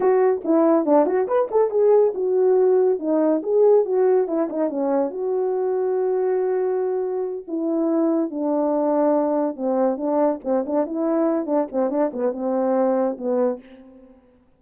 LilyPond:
\new Staff \with { instrumentName = "horn" } { \time 4/4 \tempo 4 = 141 fis'4 e'4 d'8 fis'8 b'8 a'8 | gis'4 fis'2 dis'4 | gis'4 fis'4 e'8 dis'8 cis'4 | fis'1~ |
fis'4. e'2 d'8~ | d'2~ d'8 c'4 d'8~ | d'8 c'8 d'8 e'4. d'8 c'8 | d'8 b8 c'2 b4 | }